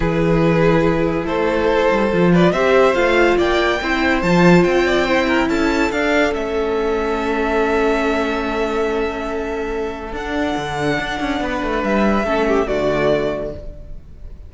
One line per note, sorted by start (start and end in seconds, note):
0.00 1.25 E3
0.00 2.10 E4
0.00 1.26 G#4
0.00 1.25 B4
1.25 1.88 A3
1.25 2.31 A4
1.25 2.32 C5
1.91 2.12 G3
2.12 2.52 F3
2.12 2.54 F4
2.31 2.53 B4
2.31 2.52 D5
2.52 2.94 C4
2.52 2.94 G4
2.52 3.37 C5
2.52 2.94 E5
2.94 3.37 A3
2.94 3.78 F4
2.94 3.36 F5
3.37 3.80 A#3
3.37 3.79 D5
3.37 4.22 G5
3.81 4.22 C4
3.81 4.24 E4
3.81 4.86 C5
4.22 4.64 F3
4.22 5.08 F4
4.22 4.63 A5
4.63 5.48 C4
4.63 5.48 G5
4.86 5.04 D5
5.04 5.92 E4
5.04 5.26 C5
5.27 5.48 A#4
5.48 5.90 C#4
5.48 11.40 A4
5.48 5.91 A5
5.91 6.33 D4
5.91 6.32 D4
5.91 6.33 F5
6.32 10.13 A3
6.32 10.12 C#4
6.32 10.14 E5
10.13 10.55 D4
10.13 12.26 D4
10.13 11.83 F#5
10.57 10.98 D3
10.98 11.19 D4
11.20 11.40 C#4
11.40 11.61 B3
11.40 12.25 B4
11.62 11.83 A3
11.83 12.23 G3
11.83 12.67 E5
12.23 12.66 A3
12.23 12.67 C#4
12.23 12.46 A4
12.47 12.67 G4
12.67 13.54 D3
12.67 13.51 A3
12.67 13.52 F#4
12.67 13.52 D5